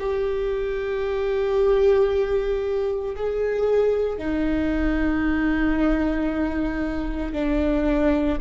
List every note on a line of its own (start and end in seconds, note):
0.00 3.16 G4
3.16 4.19 G#4
4.19 7.33 D#4
7.33 8.39 D4